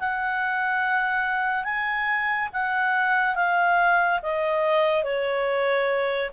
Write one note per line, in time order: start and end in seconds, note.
0.00 1.64 F#5
1.64 2.49 G#5
2.53 3.35 F#5
3.35 4.20 F5
4.23 5.04 D#5
5.04 6.30 C#5